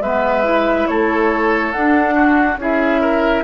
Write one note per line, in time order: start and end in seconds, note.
0.00 0.86 G#3
0.00 0.44 B3
0.00 0.88 B4
0.00 0.87 E5
0.44 1.73 E4
0.87 1.74 A3
0.87 2.15 A4
0.87 1.72 C#5
1.72 2.57 D4
1.72 2.60 D4
1.72 2.58 F#5
2.15 2.58 F#4
2.57 3.42 C#4
2.57 3.44 E4
2.57 3.01 G#4
2.57 3.44 E5
3.01 3.44 A#4